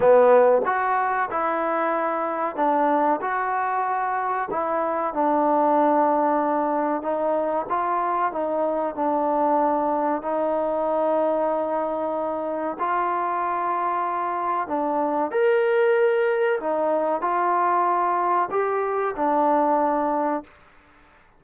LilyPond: \new Staff \with { instrumentName = "trombone" } { \time 4/4 \tempo 4 = 94 b4 fis'4 e'2 | d'4 fis'2 e'4 | d'2. dis'4 | f'4 dis'4 d'2 |
dis'1 | f'2. d'4 | ais'2 dis'4 f'4~ | f'4 g'4 d'2 | }